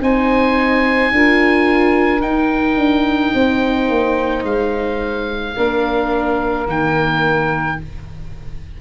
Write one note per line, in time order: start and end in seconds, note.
0.00 1.11 C4
0.00 1.13 D#4
0.00 1.12 C5
0.00 2.21 G#5
1.12 2.21 D4
1.12 2.21 F4
1.12 3.34 A#4
2.21 5.54 D#4
2.21 2.76 D#4
2.21 4.44 G5
2.76 3.32 D4
3.34 3.89 C4
3.34 5.55 C5
3.89 4.43 A#3
4.43 5.54 G#3
4.43 6.67 F5
5.55 6.67 A#3
5.55 6.66 D4
5.55 7.77 A#4
6.66 7.78 D#3
6.66 7.77 A#3
6.66 7.81 G5